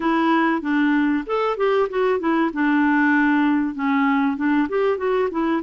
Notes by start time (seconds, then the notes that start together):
0.00 E4
0.61 D4
1.26 A4
1.57 G4
1.89 F#4
2.19 E4
2.53 D4
3.74 C#4
4.36 D4
4.68 G4
4.97 F#4
5.30 E4